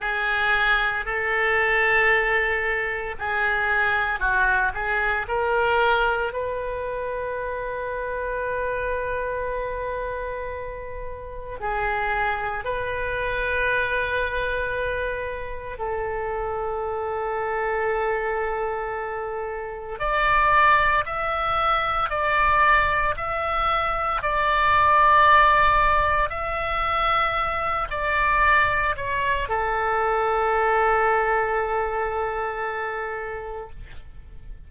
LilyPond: \new Staff \with { instrumentName = "oboe" } { \time 4/4 \tempo 4 = 57 gis'4 a'2 gis'4 | fis'8 gis'8 ais'4 b'2~ | b'2. gis'4 | b'2. a'4~ |
a'2. d''4 | e''4 d''4 e''4 d''4~ | d''4 e''4. d''4 cis''8 | a'1 | }